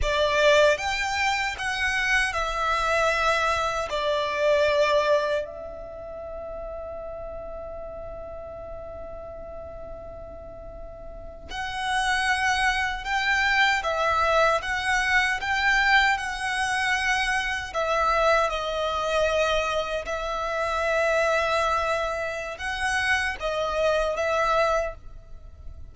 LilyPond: \new Staff \with { instrumentName = "violin" } { \time 4/4 \tempo 4 = 77 d''4 g''4 fis''4 e''4~ | e''4 d''2 e''4~ | e''1~ | e''2~ e''8. fis''4~ fis''16~ |
fis''8. g''4 e''4 fis''4 g''16~ | g''8. fis''2 e''4 dis''16~ | dis''4.~ dis''16 e''2~ e''16~ | e''4 fis''4 dis''4 e''4 | }